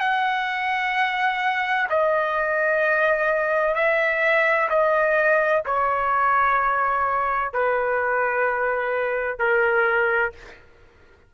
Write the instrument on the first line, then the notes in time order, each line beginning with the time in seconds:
trumpet
0.00 F#5
1.90 D#5
3.75 E5
4.70 D#5
5.66 C#5
7.53 B4
9.39 A#4